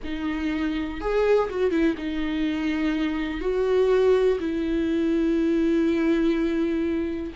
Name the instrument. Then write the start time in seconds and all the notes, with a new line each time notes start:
viola
0.04 D#4
1.00 G#4
1.49 F#4
1.71 E4
1.97 D#4
3.40 F#4
4.40 E4